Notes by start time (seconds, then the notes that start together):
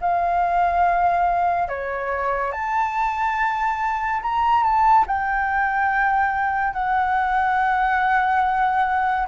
0.00 F5
1.68 C#5
2.52 A5
4.21 A#5
4.63 A5
5.06 G5
6.73 F#5